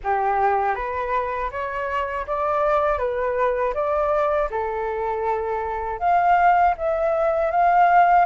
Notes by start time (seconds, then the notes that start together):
0.03 G4
0.75 B4
1.51 C#5
2.26 D5
2.98 B4
3.74 D5
4.50 A4
5.99 F5
6.77 E5
7.51 F5